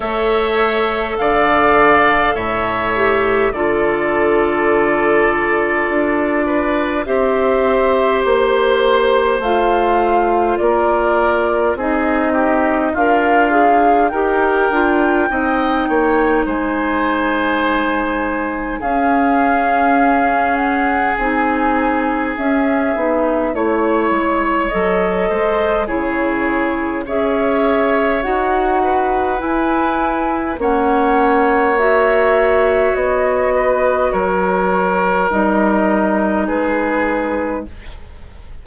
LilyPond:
<<
  \new Staff \with { instrumentName = "flute" } { \time 4/4 \tempo 4 = 51 e''4 f''4 e''4 d''4~ | d''2 e''4 c''4 | f''4 d''4 dis''4 f''4 | g''2 gis''2 |
f''4. fis''8 gis''4 e''4 | cis''4 dis''4 cis''4 e''4 | fis''4 gis''4 fis''4 e''4 | dis''4 cis''4 dis''4 b'4 | }
  \new Staff \with { instrumentName = "oboe" } { \time 4/4 cis''4 d''4 cis''4 a'4~ | a'4. b'8 c''2~ | c''4 ais'4 gis'8 g'8 f'4 | ais'4 dis''8 cis''8 c''2 |
gis'1 | cis''4. c''8 gis'4 cis''4~ | cis''8 b'4. cis''2~ | cis''8 b'8 ais'2 gis'4 | }
  \new Staff \with { instrumentName = "clarinet" } { \time 4/4 a'2~ a'8 g'8 f'4~ | f'2 g'2 | f'2 dis'4 ais'8 gis'8 | g'8 f'8 dis'2. |
cis'2 dis'4 cis'8 dis'8 | e'4 a'4 e'4 gis'4 | fis'4 e'4 cis'4 fis'4~ | fis'2 dis'2 | }
  \new Staff \with { instrumentName = "bassoon" } { \time 4/4 a4 d4 a,4 d4~ | d4 d'4 c'4 ais4 | a4 ais4 c'4 d'4 | dis'8 d'8 c'8 ais8 gis2 |
cis'2 c'4 cis'8 b8 | a8 gis8 fis8 gis8 cis4 cis'4 | dis'4 e'4 ais2 | b4 fis4 g4 gis4 | }
>>